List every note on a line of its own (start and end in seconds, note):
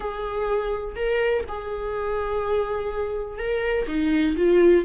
0.00 0.95 G#4
0.95 1.44 A#4
1.48 3.38 G#4
3.38 3.86 A#4
3.87 4.35 D#4
4.36 4.84 F4